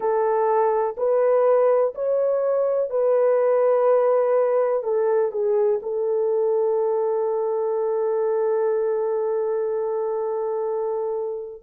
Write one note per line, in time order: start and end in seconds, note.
0.00 0.95 A4
0.97 1.94 B4
1.94 2.89 C#5
2.89 4.83 B4
4.83 5.31 A4
5.31 5.79 G#4
5.82 11.62 A4